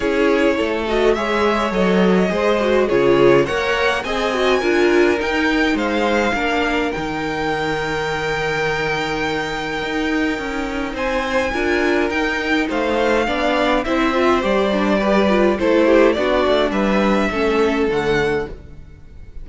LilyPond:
<<
  \new Staff \with { instrumentName = "violin" } { \time 4/4 \tempo 4 = 104 cis''4. dis''8 e''4 dis''4~ | dis''4 cis''4 fis''4 gis''4~ | gis''4 g''4 f''2 | g''1~ |
g''2. gis''4~ | gis''4 g''4 f''2 | e''4 d''2 c''4 | d''4 e''2 fis''4 | }
  \new Staff \with { instrumentName = "violin" } { \time 4/4 gis'4 a'4 cis''2 | c''4 gis'4 cis''4 dis''4 | ais'2 c''4 ais'4~ | ais'1~ |
ais'2. c''4 | ais'2 c''4 d''4 | c''2 b'4 a'8 g'8 | fis'4 b'4 a'2 | }
  \new Staff \with { instrumentName = "viola" } { \time 4/4 e'4. fis'8 gis'4 a'4 | gis'8 fis'8 f'4 ais'4 gis'8 fis'8 | f'4 dis'2 d'4 | dis'1~ |
dis'1 | f'4 dis'2 d'4 | e'8 f'8 g'8 d'8 g'8 f'8 e'4 | d'2 cis'4 a4 | }
  \new Staff \with { instrumentName = "cello" } { \time 4/4 cis'4 a4 gis4 fis4 | gis4 cis4 ais4 c'4 | d'4 dis'4 gis4 ais4 | dis1~ |
dis4 dis'4 cis'4 c'4 | d'4 dis'4 a4 b4 | c'4 g2 a4 | b8 a8 g4 a4 d4 | }
>>